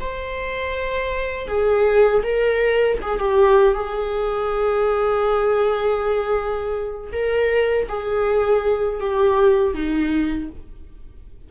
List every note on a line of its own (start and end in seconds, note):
0.00 1.48 C5
1.48 2.23 G#4
2.23 2.98 A#4
3.02 3.19 G#4
3.19 3.74 G4
3.74 7.12 G#4
7.12 7.87 A#4
7.89 9.00 G#4
9.00 9.74 G4
9.74 10.49 D#4